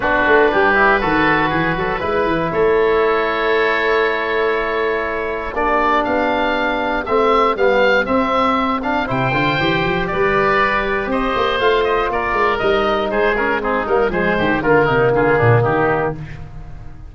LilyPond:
<<
  \new Staff \with { instrumentName = "oboe" } { \time 4/4 \tempo 4 = 119 b'1~ | b'4 cis''2.~ | cis''2. d''4 | f''2 e''4 f''4 |
e''4. f''8 g''2 | d''2 dis''4 f''8 dis''8 | d''4 dis''4 c''8 ais'8 gis'8 ais'8 | c''4 ais'4 gis'4 g'4 | }
  \new Staff \with { instrumentName = "oboe" } { \time 4/4 fis'4 g'4 a'4 gis'8 a'8 | b'4 a'2.~ | a'2. g'4~ | g'1~ |
g'2 c''2 | b'2 c''2 | ais'2 gis'4 dis'4 | gis'8 g'8 f'8 dis'8 f'8 d'8 dis'4 | }
  \new Staff \with { instrumentName = "trombone" } { \time 4/4 d'4. e'8 fis'2 | e'1~ | e'2. d'4~ | d'2 c'4 b4 |
c'4. d'8 e'8 f'8 g'4~ | g'2. f'4~ | f'4 dis'4. cis'8 c'8 ais8 | gis4 ais2. | }
  \new Staff \with { instrumentName = "tuba" } { \time 4/4 b8 a8 g4 dis4 e8 fis8 | gis8 e8 a2.~ | a2. ais4 | b2 a4 g4 |
c'2 c8 d8 e8 f8 | g2 c'8 ais8 a4 | ais8 gis8 g4 gis4. g8 | f8 dis8 d8 c8 d8 ais,8 dis4 | }
>>